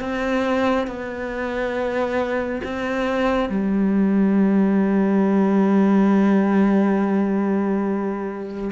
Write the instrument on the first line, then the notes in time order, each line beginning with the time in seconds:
cello
0.00 C4
0.87 B3
2.64 C4
3.49 G3